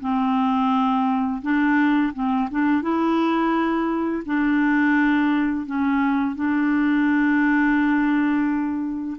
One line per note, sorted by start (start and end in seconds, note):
0.00 1.41 C4
1.42 2.13 D4
2.13 2.49 C4
2.51 2.82 D4
2.82 4.23 E4
4.25 5.66 D4
5.66 6.35 C#4
6.35 9.18 D4